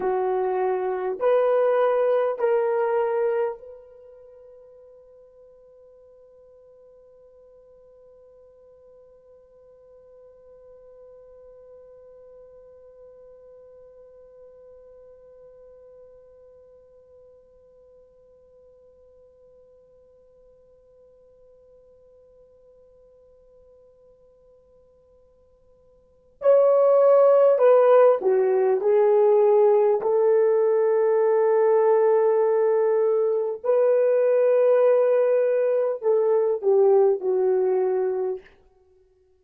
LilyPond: \new Staff \with { instrumentName = "horn" } { \time 4/4 \tempo 4 = 50 fis'4 b'4 ais'4 b'4~ | b'1~ | b'1~ | b'1~ |
b'1~ | b'2 cis''4 b'8 fis'8 | gis'4 a'2. | b'2 a'8 g'8 fis'4 | }